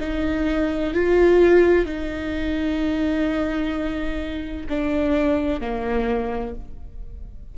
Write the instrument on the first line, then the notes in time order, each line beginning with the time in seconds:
viola
0.00 D#4
0.94 F4
1.85 D#4
4.69 D4
5.61 A#3